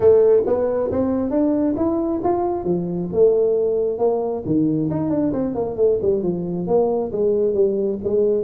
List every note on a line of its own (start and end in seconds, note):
0.00 0.43 A3
0.46 0.90 B3
0.91 1.30 C4
1.30 1.75 D4
1.76 2.20 E4
2.23 2.64 F4
2.64 3.09 F3
3.12 3.98 A3
3.98 4.42 A#3
4.45 4.89 D#3
4.90 5.10 D#4
5.10 5.32 D4
5.32 5.54 C4
5.54 5.76 A#3
5.76 5.98 A3
6.01 6.22 G3
6.22 6.67 F3
6.67 7.11 A#3
7.12 7.54 G#3
7.54 7.98 G3
8.03 8.44 G#3